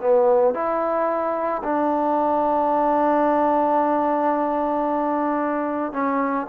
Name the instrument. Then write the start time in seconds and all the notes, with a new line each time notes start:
trombone
0.00 B3
0.54 E4
1.63 D4
5.92 C#4